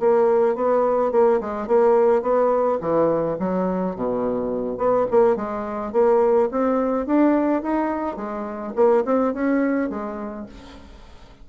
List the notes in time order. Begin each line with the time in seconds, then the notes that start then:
0.00 A#3
0.55 B3
1.12 A#3
1.40 G#3
1.67 A#3
2.22 B3
2.81 E3
3.39 F#3
3.96 B2
4.78 B3
5.11 A#3
5.36 G#3
5.93 A#3
6.51 C4
7.06 D4
7.63 D#4
8.17 G#3
8.76 A#3
9.05 C4
9.34 C#4
9.90 G#3